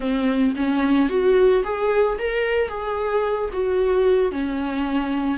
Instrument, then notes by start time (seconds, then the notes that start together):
viola
0.00 C4
0.56 C#4
1.09 F#4
1.64 G#4
2.18 A#4
2.68 G#4
3.53 F#4
4.31 C#4